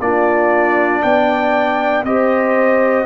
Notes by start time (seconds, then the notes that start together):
0.00 A#3 D4 F4 D5
1.03 B3 D5 G5
2.04 C4 G4 C5 D#5